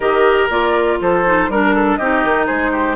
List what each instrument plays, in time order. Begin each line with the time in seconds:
0.00 bassoon D#3, clarinet G4, oboe A#4, flute D#5
0.49 bassoon A#3, clarinet F4, flute D5
1.00 bassoon F3, oboe A4, flute C5
1.25 clarinet D#4
1.48 bassoon G3, clarinet D4, oboe A#4, flute A#4
1.74 oboe A4
1.96 bassoon C4, clarinet D#4, oboe G4, flute D#5
2.23 bassoon D#3
2.46 bassoon G#3, oboe G#4, flute C5
2.71 oboe G4